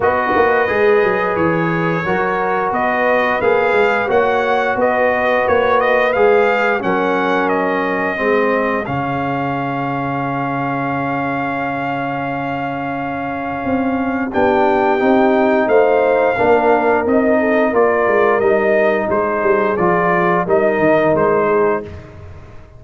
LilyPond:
<<
  \new Staff \with { instrumentName = "trumpet" } { \time 4/4 \tempo 4 = 88 dis''2 cis''2 | dis''4 f''4 fis''4 dis''4 | cis''8 dis''8 f''4 fis''4 dis''4~ | dis''4 f''2.~ |
f''1~ | f''4 g''2 f''4~ | f''4 dis''4 d''4 dis''4 | c''4 d''4 dis''4 c''4 | }
  \new Staff \with { instrumentName = "horn" } { \time 4/4 b'2. ais'4 | b'2 cis''4 b'4~ | b'2 ais'2 | gis'1~ |
gis'1~ | gis'4 g'2 c''4 | ais'4. a'8 ais'2 | gis'2 ais'4. gis'8 | }
  \new Staff \with { instrumentName = "trombone" } { \time 4/4 fis'4 gis'2 fis'4~ | fis'4 gis'4 fis'2~ | fis'4 gis'4 cis'2 | c'4 cis'2.~ |
cis'1~ | cis'4 d'4 dis'2 | d'4 dis'4 f'4 dis'4~ | dis'4 f'4 dis'2 | }
  \new Staff \with { instrumentName = "tuba" } { \time 4/4 b8 ais8 gis8 fis8 e4 fis4 | b4 ais8 gis8 ais4 b4 | ais4 gis4 fis2 | gis4 cis2.~ |
cis1 | c'4 b4 c'4 a4 | ais4 c'4 ais8 gis8 g4 | gis8 g8 f4 g8 dis8 gis4 | }
>>